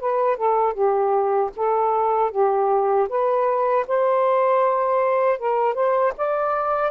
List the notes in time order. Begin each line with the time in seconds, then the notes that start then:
0.00 B4
0.37 A4
0.73 G4
1.56 A4
2.31 G4
3.09 B4
3.87 C5
5.39 A#4
5.74 C5
6.18 D5